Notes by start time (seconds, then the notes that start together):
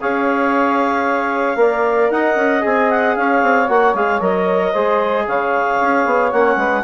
0.00 C#4 G#4 C#5 F5
1.55 A#3 A#4 D5
2.10 D#4 D#5 F#5
2.35 C#4
2.60 C4 G#4 G#5
2.90 F#5
3.16 C#4 C#5 F5
3.42 C4
3.68 A#3 F#4 F#5
3.94 G#3 G#4 F5
4.20 F#3 A#4 D#5
4.72 G#3 G#4 C5
5.26 C#3 C#5 F5
5.81 C#4
6.05 B3
6.31 A#3 C#4 F#5
6.56 G#3 B4